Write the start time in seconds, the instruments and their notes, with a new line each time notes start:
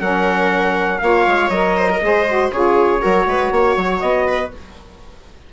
0.00 bassoon F#3, saxophone C#4, viola A#4, trumpet F#5
0.99 bassoon A#3, saxophone F4, viola C#5, trumpet F5
1.27 bassoon G#3
1.49 bassoon F#3, saxophone A#4, trumpet D#5
1.77 viola C5
1.90 viola A#4
2.01 bassoon G#3, saxophone G#4, viola C5
2.27 saxophone F#4
2.52 bassoon C#3, saxophone F4, viola G#4, trumpet C#5
2.99 bassoon F#3, saxophone F#4, viola A#4
3.26 bassoon G#3, viola B4
3.51 bassoon A#3, viola C#5
3.77 bassoon F#3
4.00 bassoon B3, trumpet D#5
4.27 viola B4